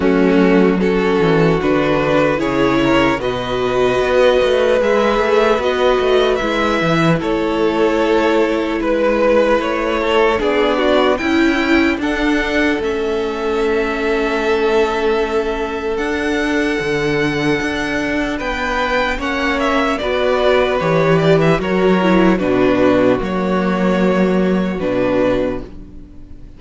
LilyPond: <<
  \new Staff \with { instrumentName = "violin" } { \time 4/4 \tempo 4 = 75 fis'4 a'4 b'4 cis''4 | dis''2 e''4 dis''4 | e''4 cis''2 b'4 | cis''4 d''4 g''4 fis''4 |
e''1 | fis''2. g''4 | fis''8 e''8 d''4 cis''8 d''16 e''16 cis''4 | b'4 cis''2 b'4 | }
  \new Staff \with { instrumentName = "violin" } { \time 4/4 cis'4 fis'2 gis'8 ais'8 | b'1~ | b'4 a'2 b'4~ | b'8 a'8 gis'8 fis'8 e'4 a'4~ |
a'1~ | a'2. b'4 | cis''4 b'2 ais'4 | fis'1 | }
  \new Staff \with { instrumentName = "viola" } { \time 4/4 a4 cis'4 d'4 e'4 | fis'2 gis'4 fis'4 | e'1~ | e'4 d'4 e'4 d'4 |
cis'1 | d'1 | cis'4 fis'4 g'4 fis'8 e'8 | d'4 ais2 d'4 | }
  \new Staff \with { instrumentName = "cello" } { \time 4/4 fis4. e8 d4 cis4 | b,4 b8 a8 gis8 a8 b8 a8 | gis8 e8 a2 gis4 | a4 b4 cis'4 d'4 |
a1 | d'4 d4 d'4 b4 | ais4 b4 e4 fis4 | b,4 fis2 b,4 | }
>>